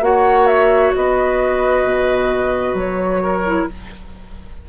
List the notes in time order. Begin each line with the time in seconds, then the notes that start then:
0.00 A#3 F#4 C#5 F#5
0.46 E5
0.94 B3 B4 D#5
1.83 B2
2.73 F#3 C#5
3.22 A#4
3.45 E4